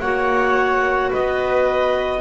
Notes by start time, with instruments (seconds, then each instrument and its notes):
0.00 double bass A#3, clarinet F#4 F#5, viola C#5
1.10 double bass B3, viola B4, clarinet D#5